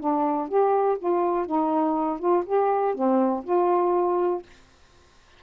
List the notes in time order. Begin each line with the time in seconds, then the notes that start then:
0.00 D4
0.49 G4
0.99 F4
1.46 D#4
2.20 F4
2.46 G4
2.95 C4
3.44 F4